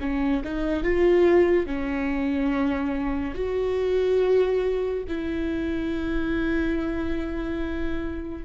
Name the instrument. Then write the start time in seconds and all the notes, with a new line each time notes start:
viola
0.00 C#4
0.43 D#4
0.83 F4
1.66 C#4
3.35 F#4
5.08 E4